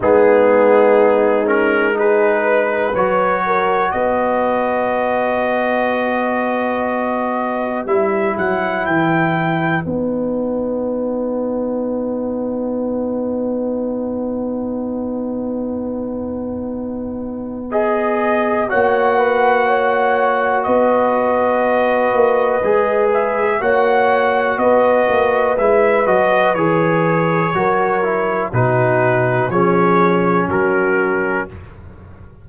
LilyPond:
<<
  \new Staff \with { instrumentName = "trumpet" } { \time 4/4 \tempo 4 = 61 gis'4. ais'8 b'4 cis''4 | dis''1 | e''8 fis''8 g''4 fis''2~ | fis''1~ |
fis''2 dis''4 fis''4~ | fis''4 dis''2~ dis''8 e''8 | fis''4 dis''4 e''8 dis''8 cis''4~ | cis''4 b'4 cis''4 ais'4 | }
  \new Staff \with { instrumentName = "horn" } { \time 4/4 dis'2 gis'8 b'4 ais'8 | b'1~ | b'1~ | b'1~ |
b'2. cis''8 b'8 | cis''4 b'2. | cis''4 b'2. | ais'4 fis'4 gis'4 fis'4 | }
  \new Staff \with { instrumentName = "trombone" } { \time 4/4 b4. cis'8 dis'4 fis'4~ | fis'1 | e'2 dis'2~ | dis'1~ |
dis'2 gis'4 fis'4~ | fis'2. gis'4 | fis'2 e'8 fis'8 gis'4 | fis'8 e'8 dis'4 cis'2 | }
  \new Staff \with { instrumentName = "tuba" } { \time 4/4 gis2. fis4 | b1 | g8 fis8 e4 b2~ | b1~ |
b2. ais4~ | ais4 b4. ais8 gis4 | ais4 b8 ais8 gis8 fis8 e4 | fis4 b,4 f4 fis4 | }
>>